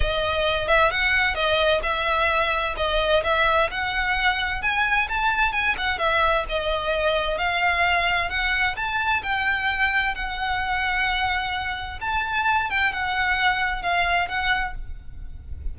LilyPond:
\new Staff \with { instrumentName = "violin" } { \time 4/4 \tempo 4 = 130 dis''4. e''8 fis''4 dis''4 | e''2 dis''4 e''4 | fis''2 gis''4 a''4 | gis''8 fis''8 e''4 dis''2 |
f''2 fis''4 a''4 | g''2 fis''2~ | fis''2 a''4. g''8 | fis''2 f''4 fis''4 | }